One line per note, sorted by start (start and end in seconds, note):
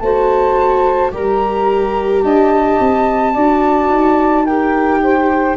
0.00 1.11 A3
0.00 1.12 F#4
0.00 1.12 C5
0.00 1.11 A5
1.12 2.23 G3
1.12 3.34 G4
1.12 2.23 A#4
1.12 2.24 A#5
2.24 2.79 D4
2.24 3.33 D#5
2.24 4.46 A5
2.80 3.35 C4
3.33 3.89 D4
3.33 4.47 F#4
3.33 4.44 D5
3.89 5.56 D#4
4.44 5.57 G4
4.44 5.00 A#4
4.44 5.57 G5
5.03 5.57 C5